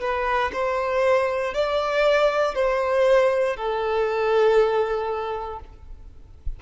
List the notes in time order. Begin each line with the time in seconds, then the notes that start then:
0.00 B4
0.52 C5
1.53 D5
2.55 C5
3.56 A4